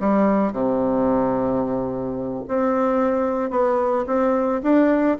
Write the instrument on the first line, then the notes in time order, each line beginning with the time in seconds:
bassoon
0.00 G3
0.53 C3
2.48 C4
3.51 B3
4.07 C4
4.63 D4